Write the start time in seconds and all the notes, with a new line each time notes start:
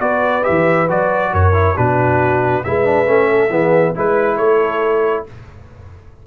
0.00 B3 F#4 B4 D5
0.42 G4 E5
0.49 E3
0.89 F#3 F#4 D5
1.33 F#2 A#4 C#5
1.54 E4
1.76 B2 D4 F#4 B4
2.64 G#3 E4 B4 E5
2.85 D4
3.06 A3 C#4
3.30 A4
3.50 E3 B3 G#4
3.96 G#3 E4 B4
4.37 A3 A4 C#5